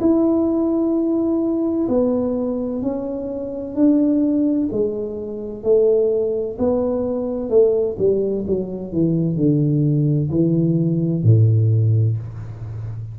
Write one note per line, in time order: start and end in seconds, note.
0.00 1.87 E4
1.88 2.82 B3
2.82 3.75 C#4
3.75 4.69 D4
4.72 5.63 G#3
5.63 6.57 A3
6.58 7.50 B3
7.50 7.96 A3
7.99 8.45 G3
8.47 8.92 F#3
8.92 9.36 E3
9.36 10.30 D3
10.30 11.23 E3
11.23 12.17 A2